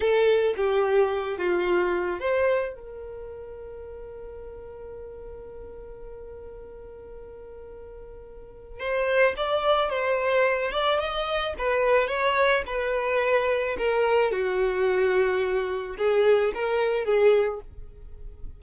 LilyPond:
\new Staff \with { instrumentName = "violin" } { \time 4/4 \tempo 4 = 109 a'4 g'4. f'4. | c''4 ais'2.~ | ais'1~ | ais'1 |
c''4 d''4 c''4. d''8 | dis''4 b'4 cis''4 b'4~ | b'4 ais'4 fis'2~ | fis'4 gis'4 ais'4 gis'4 | }